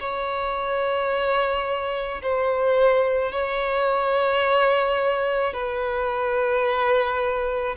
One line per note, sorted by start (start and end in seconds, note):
0.00 2.22 C#5
2.23 3.32 C5
3.32 5.54 C#5
5.54 7.76 B4